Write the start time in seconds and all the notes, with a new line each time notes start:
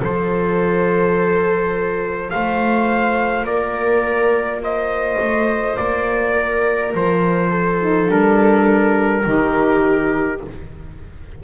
0.00 F3 F4 A4 C5
2.30 A3 C5 F5
3.44 A#3 A#4 D5
4.63 C5 D#5
5.20 A3
5.77 A#3 D5
6.34 A#4
6.94 F3 C5
7.50 A4
7.81 D#4
8.08 G3 D4 A#4
9.25 D#3 D#4 G4